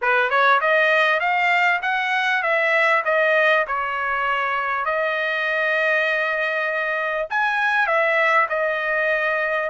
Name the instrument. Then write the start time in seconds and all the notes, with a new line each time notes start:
trumpet
0.01 B4
0.29 C#5
0.61 D#5
1.20 F5
1.82 F#5
2.42 E5
3.04 D#5
3.67 C#5
4.85 D#5
7.29 G#5
7.86 E5
8.49 D#5